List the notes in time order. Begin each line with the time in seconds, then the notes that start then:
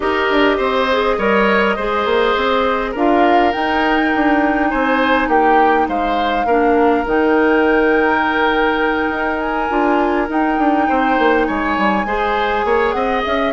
0.00 D#4 G4 A#4 D#5
0.30 D4
0.57 C4 C5
0.91 G#4
1.18 G3 A#4 C#5
1.75 G#3 G#4 C5
2.05 A#3
2.36 C4
2.91 D4 F4 A#4 F5
3.52 D#4 G5
4.14 D4
4.69 C4 C5 G#5
5.28 A#3 G4 G5
5.88 G#3 C5 F5
6.45 A#3 D4 A#4
7.05 D#3 D#4 G5
9.09 D#4
9.39 G#5
9.68 D4 F4
10.28 D#4 G5
10.58 D4
10.88 C4 C5
11.18 A#3
11.45 G#3 C#5 G#5
11.77 G3
12.05 G#3 G#4 C5
12.64 A#3 C#5
12.91 C4 D#5 F#5
13.24 C#4 E5